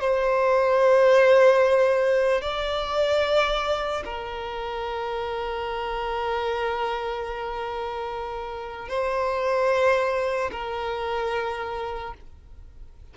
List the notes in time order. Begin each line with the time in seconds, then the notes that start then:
0.00 C5
2.41 D5
4.05 A#4
8.88 C5
10.51 A#4